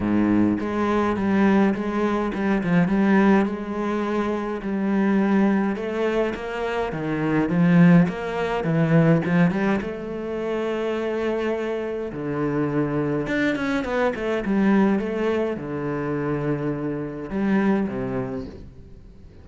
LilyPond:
\new Staff \with { instrumentName = "cello" } { \time 4/4 \tempo 4 = 104 gis,4 gis4 g4 gis4 | g8 f8 g4 gis2 | g2 a4 ais4 | dis4 f4 ais4 e4 |
f8 g8 a2.~ | a4 d2 d'8 cis'8 | b8 a8 g4 a4 d4~ | d2 g4 c4 | }